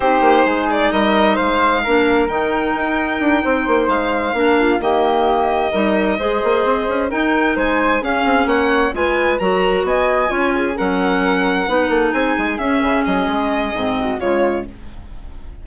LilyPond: <<
  \new Staff \with { instrumentName = "violin" } { \time 4/4 \tempo 4 = 131 c''4. d''8 dis''4 f''4~ | f''4 g''2.~ | g''8 f''2 dis''4.~ | dis''2.~ dis''8 g''8~ |
g''8 gis''4 f''4 fis''4 gis''8~ | gis''8 ais''4 gis''2 fis''8~ | fis''2~ fis''8 gis''4 e''8~ | e''8 dis''2~ dis''8 cis''4 | }
  \new Staff \with { instrumentName = "flute" } { \time 4/4 g'4 gis'4 ais'4 c''4 | ais'2.~ ais'8 c''8~ | c''4. ais'8 f'8 g'4.~ | g'8 ais'4 c''2 ais'8~ |
ais'8 c''4 gis'4 cis''4 b'8~ | b'8 ais'4 dis''4 cis''8 gis'8 ais'8~ | ais'4. b'8 a'8 gis'4.~ | gis'2~ gis'8 fis'8 f'4 | }
  \new Staff \with { instrumentName = "clarinet" } { \time 4/4 dis'1 | d'4 dis'2.~ | dis'4. d'4 ais4.~ | ais8 dis'4 gis'2 dis'8~ |
dis'4. cis'2 f'8~ | f'8 fis'2 f'4 cis'8~ | cis'4. dis'2 cis'8~ | cis'2 c'4 gis4 | }
  \new Staff \with { instrumentName = "bassoon" } { \time 4/4 c'8 ais8 gis4 g4 gis4 | ais4 dis4 dis'4 d'8 c'8 | ais8 gis4 ais4 dis4.~ | dis8 g4 gis8 ais8 c'8 cis'8 dis'8~ |
dis'8 gis4 cis'8 c'8 ais4 gis8~ | gis8 fis4 b4 cis'4 fis8~ | fis4. b8 ais8 c'8 gis8 cis'8 | cis8 fis8 gis4 gis,4 cis4 | }
>>